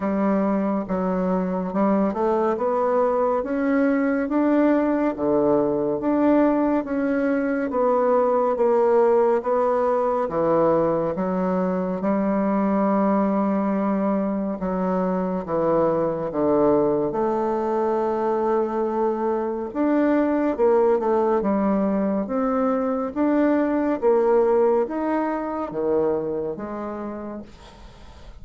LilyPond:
\new Staff \with { instrumentName = "bassoon" } { \time 4/4 \tempo 4 = 70 g4 fis4 g8 a8 b4 | cis'4 d'4 d4 d'4 | cis'4 b4 ais4 b4 | e4 fis4 g2~ |
g4 fis4 e4 d4 | a2. d'4 | ais8 a8 g4 c'4 d'4 | ais4 dis'4 dis4 gis4 | }